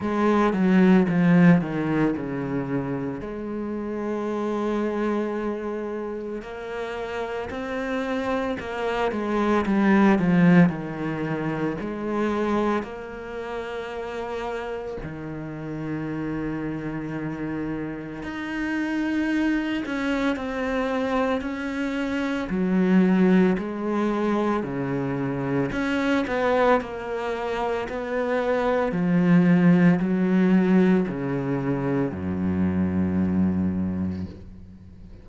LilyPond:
\new Staff \with { instrumentName = "cello" } { \time 4/4 \tempo 4 = 56 gis8 fis8 f8 dis8 cis4 gis4~ | gis2 ais4 c'4 | ais8 gis8 g8 f8 dis4 gis4 | ais2 dis2~ |
dis4 dis'4. cis'8 c'4 | cis'4 fis4 gis4 cis4 | cis'8 b8 ais4 b4 f4 | fis4 cis4 fis,2 | }